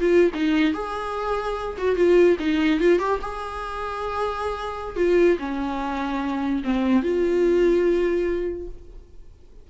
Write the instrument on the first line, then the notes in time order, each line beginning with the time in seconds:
viola
0.00 F4
0.34 D#4
0.73 G#4
1.77 F#4
1.95 F4
2.39 D#4
2.80 F4
2.99 G4
3.21 G#4
4.96 F4
5.39 C#4
6.63 C4
7.02 F4